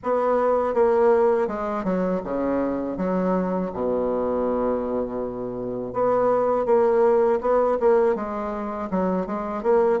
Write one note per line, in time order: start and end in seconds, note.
0.03 0.74 B3
0.74 1.47 A#3
1.47 1.84 G#3
1.84 2.21 F#3
2.24 2.97 C#3
2.97 3.71 F#3
3.73 5.93 B2
5.93 6.65 B3
6.65 7.39 A#3
7.40 7.77 B3
7.80 8.15 A#3
8.15 8.89 G#3
8.90 9.26 F#3
9.26 9.63 G#3
9.63 10.00 A#3